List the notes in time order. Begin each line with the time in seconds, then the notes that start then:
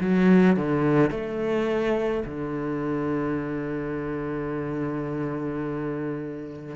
0.00 F#3
0.56 D3
1.10 A3
2.25 D3